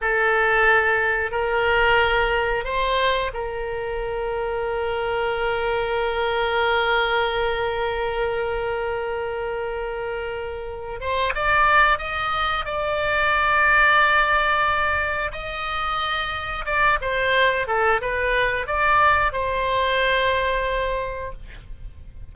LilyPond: \new Staff \with { instrumentName = "oboe" } { \time 4/4 \tempo 4 = 90 a'2 ais'2 | c''4 ais'2.~ | ais'1~ | ais'1~ |
ais'8 c''8 d''4 dis''4 d''4~ | d''2. dis''4~ | dis''4 d''8 c''4 a'8 b'4 | d''4 c''2. | }